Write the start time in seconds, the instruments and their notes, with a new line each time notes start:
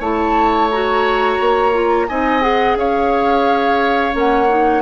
0.00 bassoon A3, clarinet E4, oboe C#5, flute A5
0.71 clarinet F#4, flute A#5
1.40 bassoon A#3
1.73 clarinet F4
2.08 bassoon C4, clarinet D#4, oboe D#5, flute G#5
2.41 clarinet G#4, flute F#5
2.76 bassoon C#4, oboe C#5, flute F5
4.13 bassoon A#3, clarinet C#4, flute F#5
4.49 clarinet D#4